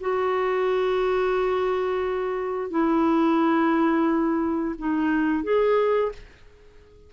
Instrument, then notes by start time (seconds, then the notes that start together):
clarinet
0.00 F#4
2.70 E4
4.78 D#4
5.43 G#4